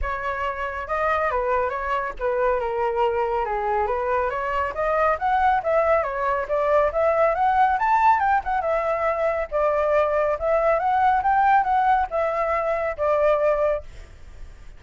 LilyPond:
\new Staff \with { instrumentName = "flute" } { \time 4/4 \tempo 4 = 139 cis''2 dis''4 b'4 | cis''4 b'4 ais'2 | gis'4 b'4 cis''4 dis''4 | fis''4 e''4 cis''4 d''4 |
e''4 fis''4 a''4 g''8 fis''8 | e''2 d''2 | e''4 fis''4 g''4 fis''4 | e''2 d''2 | }